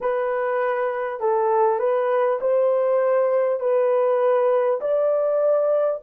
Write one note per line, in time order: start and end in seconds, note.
0.01 1.19 B4
1.19 1.79 A4
1.79 2.39 B4
2.41 3.59 C5
3.59 4.79 B4
4.81 6.01 D5